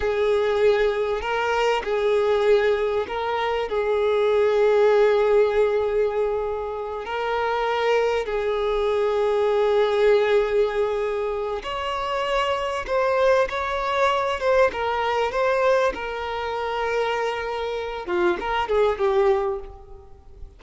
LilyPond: \new Staff \with { instrumentName = "violin" } { \time 4/4 \tempo 4 = 98 gis'2 ais'4 gis'4~ | gis'4 ais'4 gis'2~ | gis'2.~ gis'8 ais'8~ | ais'4. gis'2~ gis'8~ |
gis'2. cis''4~ | cis''4 c''4 cis''4. c''8 | ais'4 c''4 ais'2~ | ais'4. f'8 ais'8 gis'8 g'4 | }